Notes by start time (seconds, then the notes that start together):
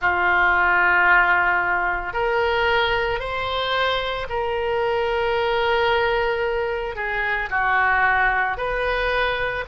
0.01 F4
2.13 A#4
3.19 C5
4.29 A#4
6.95 G#4
7.50 F#4
8.57 B4